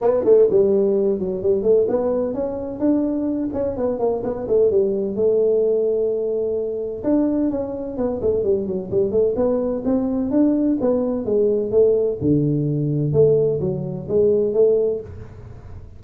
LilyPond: \new Staff \with { instrumentName = "tuba" } { \time 4/4 \tempo 4 = 128 b8 a8 g4. fis8 g8 a8 | b4 cis'4 d'4. cis'8 | b8 ais8 b8 a8 g4 a4~ | a2. d'4 |
cis'4 b8 a8 g8 fis8 g8 a8 | b4 c'4 d'4 b4 | gis4 a4 d2 | a4 fis4 gis4 a4 | }